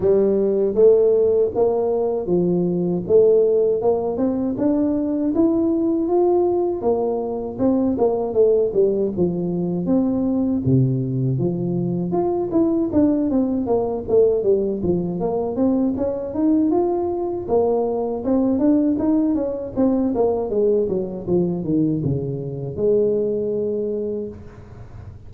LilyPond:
\new Staff \with { instrumentName = "tuba" } { \time 4/4 \tempo 4 = 79 g4 a4 ais4 f4 | a4 ais8 c'8 d'4 e'4 | f'4 ais4 c'8 ais8 a8 g8 | f4 c'4 c4 f4 |
f'8 e'8 d'8 c'8 ais8 a8 g8 f8 | ais8 c'8 cis'8 dis'8 f'4 ais4 | c'8 d'8 dis'8 cis'8 c'8 ais8 gis8 fis8 | f8 dis8 cis4 gis2 | }